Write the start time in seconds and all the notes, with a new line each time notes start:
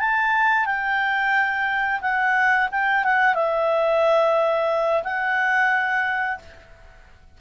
0.00 A5
0.66 G5
2.02 F#5
2.72 G5
3.05 F#5
3.35 E5
5.04 F#5